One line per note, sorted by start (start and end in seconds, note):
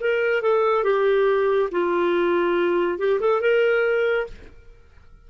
0.00 0.42 A#4
0.42 0.84 A4
0.84 1.69 G4
1.71 2.98 F4
2.98 3.20 G4
3.20 3.41 A4
3.41 4.27 A#4